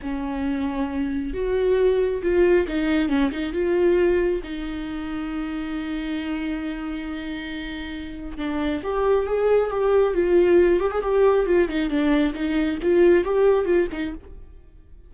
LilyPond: \new Staff \with { instrumentName = "viola" } { \time 4/4 \tempo 4 = 136 cis'2. fis'4~ | fis'4 f'4 dis'4 cis'8 dis'8 | f'2 dis'2~ | dis'1~ |
dis'2. d'4 | g'4 gis'4 g'4 f'4~ | f'8 g'16 gis'16 g'4 f'8 dis'8 d'4 | dis'4 f'4 g'4 f'8 dis'8 | }